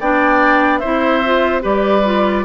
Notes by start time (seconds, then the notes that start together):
0.00 B3 D4 D5 G5
0.78 E4 C5 E5
0.85 C4
1.25 F4
1.61 G3 G4 B4 D5
2.05 F4